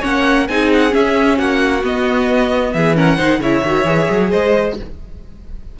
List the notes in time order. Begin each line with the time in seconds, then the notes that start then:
0.00 A#3 C#4 C#5 F#5
0.48 C4 D#4 G#4 G#5
0.73 F#5
0.90 C#4 E5
1.38 A#3 F#4 F#5
1.83 B3 D#5
2.73 E3 G#4 E5
2.95 C#4 A#4 F#5
3.17 D#3 D#4 C5
3.39 C#3 E4 C#5 E5
3.64 D#3 F#4
3.85 E3 G#4
4.10 F#3
4.30 G#3 C5 D#5